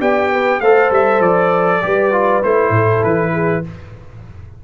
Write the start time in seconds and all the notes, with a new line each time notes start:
0.00 B3 G4 D5 G5
0.32 B4
0.60 A3 A4 C5 F5
0.91 G3 E5
1.20 F3 D5
1.82 G3 G4 B4
2.12 F4
2.43 A3 E4 C5
2.70 A2 A4
3.04 E3 B4
3.33 G#4